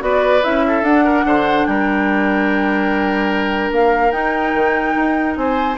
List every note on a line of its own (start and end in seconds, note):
0.00 0.43 B3
0.00 0.41 F#4
0.00 0.66 B4
0.00 0.43 D5
0.43 0.82 C#4
0.43 0.84 E4
0.43 0.85 E5
0.68 1.04 A4
0.82 1.23 D4
0.82 4.12 D4
0.82 1.66 F#5
1.04 1.25 A#4
1.25 1.66 D3
1.25 1.67 C5
1.66 3.72 G3
1.66 5.39 A#4
1.66 3.72 G5
3.72 4.12 A#3
3.72 4.12 F5
4.12 5.76 D#4
4.12 4.53 D#4
4.12 5.35 G5
4.54 4.95 D#3
4.96 5.37 D#4
5.36 5.78 C4
5.36 5.78 C5
5.36 5.77 G#5